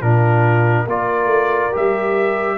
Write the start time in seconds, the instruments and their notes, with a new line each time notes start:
0.00 tuba A#2, trombone D4, horn F4, trumpet A#4
0.84 tuba A#3, trombone F4, horn A#4, trumpet D5
1.25 tuba A3
1.71 tuba G3, trombone G4, trumpet E5